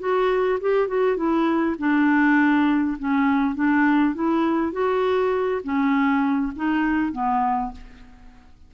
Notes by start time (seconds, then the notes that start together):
0.00 F#4
0.61 G4
0.88 F#4
1.17 E4
1.79 D4
2.99 C#4
3.56 D4
4.15 E4
4.73 F#4
5.64 C#4
6.56 D#4
7.13 B3